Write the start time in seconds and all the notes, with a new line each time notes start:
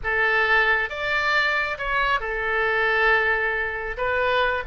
0.03 A4
0.89 D5
1.78 C#5
2.20 A4
3.97 B4